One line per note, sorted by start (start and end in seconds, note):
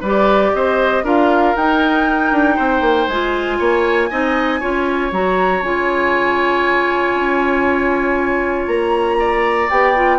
0.00 0.52 G3
0.00 1.04 G4
0.00 0.51 B4
0.00 0.54 D5
0.54 1.03 C4
0.54 1.04 C5
0.54 1.04 D#5
1.03 1.54 D4
1.03 1.55 F4
1.03 2.55 A#4
1.03 1.56 F5
1.55 2.31 D#4
1.55 3.11 D#4
1.55 3.08 G5
2.31 2.57 D4
2.55 2.80 C4
2.55 3.57 C5
2.80 3.06 A#3
3.08 3.59 G#3
3.08 4.10 F4
3.08 5.11 G#5
3.58 4.10 A#3
3.58 4.09 C#5
4.10 4.61 C4
4.10 4.60 D#4
4.10 4.60 D#5
4.60 5.11 C#4
4.60 5.11 F4
4.60 9.17 C#5
5.11 5.62 F#3
5.11 5.63 F#4
5.11 5.63 A#5
5.62 7.14 C#3
5.62 9.70 F4
5.62 8.67 G#5
7.14 8.67 C#4
8.67 9.69 A#3
8.67 9.69 A#5
9.19 10.18 D5
9.69 10.18 B3
9.69 9.95 G4
9.69 10.18 G5
9.95 10.18 F4